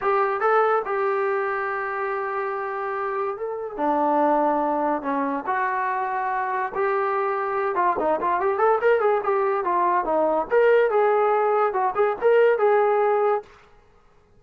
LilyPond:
\new Staff \with { instrumentName = "trombone" } { \time 4/4 \tempo 4 = 143 g'4 a'4 g'2~ | g'1 | a'4 d'2. | cis'4 fis'2. |
g'2~ g'8 f'8 dis'8 f'8 | g'8 a'8 ais'8 gis'8 g'4 f'4 | dis'4 ais'4 gis'2 | fis'8 gis'8 ais'4 gis'2 | }